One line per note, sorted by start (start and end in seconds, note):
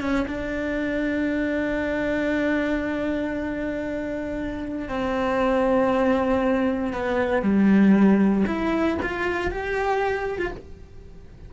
0.00 0.26 C#4
0.27 4.88 D4
4.88 6.93 C4
6.93 7.42 B3
7.42 8.44 G3
8.46 8.97 E4
9.02 9.51 F4
9.51 10.38 G4
10.38 10.51 F4